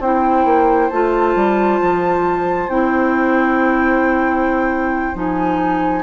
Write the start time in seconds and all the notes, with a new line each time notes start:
0.00 C4 E4 C5 G5
0.45 A#3
0.90 A3 F4 A5
1.35 G3
1.81 F3
2.68 C4 E4 G5
5.14 F3 D#4 G#5